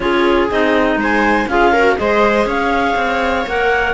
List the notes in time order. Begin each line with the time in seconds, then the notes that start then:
0.00 C#4 F4 G#4 C#5
0.50 C4 D#4 D#5
0.95 G#3 C5
1.02 G#5
1.47 C#4 F4 G#4 F5
1.72 F#4 A#4
1.97 G#3 G#4 C5 D#5
2.45 C#4 C#5 F5
2.96 C4
3.47 A#3 A#4 F#5